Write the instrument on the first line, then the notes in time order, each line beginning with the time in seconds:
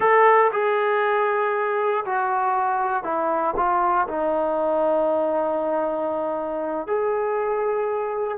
trombone
0.00 A4
0.52 G#4
2.05 F#4
3.03 E4
3.56 F4
4.07 D#4
6.86 G#4